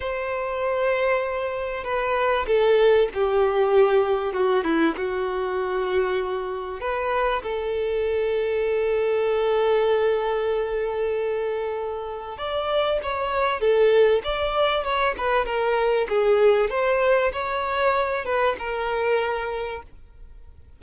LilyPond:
\new Staff \with { instrumentName = "violin" } { \time 4/4 \tempo 4 = 97 c''2. b'4 | a'4 g'2 fis'8 e'8 | fis'2. b'4 | a'1~ |
a'1 | d''4 cis''4 a'4 d''4 | cis''8 b'8 ais'4 gis'4 c''4 | cis''4. b'8 ais'2 | }